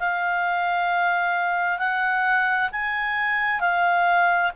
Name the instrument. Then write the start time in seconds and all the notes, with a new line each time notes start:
clarinet
0.00 F5
1.79 F#5
2.72 G#5
3.61 F5